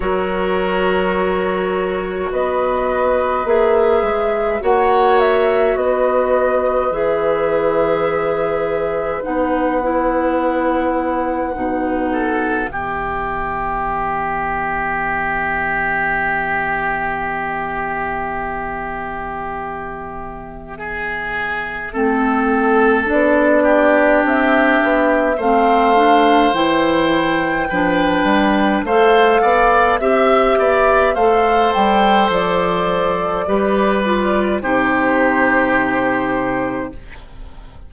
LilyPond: <<
  \new Staff \with { instrumentName = "flute" } { \time 4/4 \tempo 4 = 52 cis''2 dis''4 e''4 | fis''8 e''8 dis''4 e''2 | fis''2. e''4~ | e''1~ |
e''1 | d''4 e''4 f''4 g''4~ | g''4 f''4 e''4 f''8 g''8 | d''2 c''2 | }
  \new Staff \with { instrumentName = "oboe" } { \time 4/4 ais'2 b'2 | cis''4 b'2.~ | b'2~ b'8 a'8 g'4~ | g'1~ |
g'2 gis'4 a'4~ | a'8 g'4. c''2 | b'4 c''8 d''8 e''8 d''8 c''4~ | c''4 b'4 g'2 | }
  \new Staff \with { instrumentName = "clarinet" } { \time 4/4 fis'2. gis'4 | fis'2 gis'2 | dis'8 e'4. dis'4 b4~ | b1~ |
b2. c'4 | d'2 c'8 d'8 e'4 | d'4 a'4 g'4 a'4~ | a'4 g'8 f'8 dis'2 | }
  \new Staff \with { instrumentName = "bassoon" } { \time 4/4 fis2 b4 ais8 gis8 | ais4 b4 e2 | b2 b,4 e4~ | e1~ |
e2. a4 | b4 c'8 b8 a4 e4 | f8 g8 a8 b8 c'8 b8 a8 g8 | f4 g4 c2 | }
>>